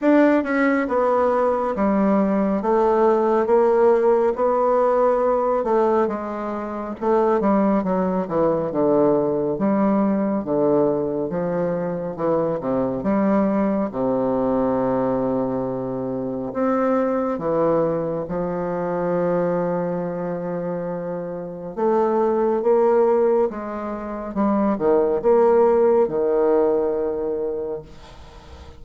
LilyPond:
\new Staff \with { instrumentName = "bassoon" } { \time 4/4 \tempo 4 = 69 d'8 cis'8 b4 g4 a4 | ais4 b4. a8 gis4 | a8 g8 fis8 e8 d4 g4 | d4 f4 e8 c8 g4 |
c2. c'4 | e4 f2.~ | f4 a4 ais4 gis4 | g8 dis8 ais4 dis2 | }